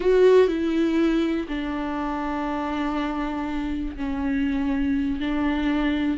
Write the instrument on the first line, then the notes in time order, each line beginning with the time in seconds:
viola
0.00 F#4
0.47 E4
1.48 D4
3.96 C#4
5.20 D4